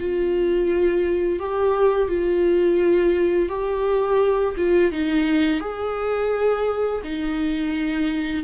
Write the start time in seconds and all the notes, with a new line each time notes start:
0.00 F4
1.40 G4
2.08 F4
3.49 G4
4.57 F4
4.92 D#4
5.60 G#4
7.04 D#4